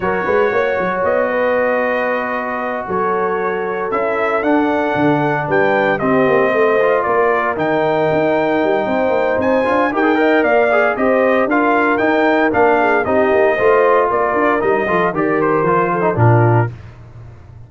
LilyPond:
<<
  \new Staff \with { instrumentName = "trumpet" } { \time 4/4 \tempo 4 = 115 cis''2 dis''2~ | dis''4. cis''2 e''8~ | e''8 fis''2 g''4 dis''8~ | dis''4. d''4 g''4.~ |
g''2 gis''4 g''4 | f''4 dis''4 f''4 g''4 | f''4 dis''2 d''4 | dis''4 d''8 c''4. ais'4 | }
  \new Staff \with { instrumentName = "horn" } { \time 4/4 ais'8 b'8 cis''4. b'4.~ | b'4. a'2~ a'8~ | a'2~ a'8 b'4 g'8~ | g'8 c''4 ais'2~ ais'8~ |
ais'4 c''2 ais'8 dis''8 | d''4 c''4 ais'2~ | ais'8 gis'8 g'4 c''4 ais'4~ | ais'8 a'8 ais'4. a'8 f'4 | }
  \new Staff \with { instrumentName = "trombone" } { \time 4/4 fis'1~ | fis'2.~ fis'8 e'8~ | e'8 d'2. c'8~ | c'4 f'4. dis'4.~ |
dis'2~ dis'8 f'8 g'16 gis'16 ais'8~ | ais'8 gis'8 g'4 f'4 dis'4 | d'4 dis'4 f'2 | dis'8 f'8 g'4 f'8. dis'16 d'4 | }
  \new Staff \with { instrumentName = "tuba" } { \time 4/4 fis8 gis8 ais8 fis8 b2~ | b4. fis2 cis'8~ | cis'8 d'4 d4 g4 c'8 | ais8 a4 ais4 dis4 dis'8~ |
dis'8 g8 c'8 ais8 c'8 d'8 dis'4 | ais4 c'4 d'4 dis'4 | ais4 c'8 ais8 a4 ais8 d'8 | g8 f8 dis4 f4 ais,4 | }
>>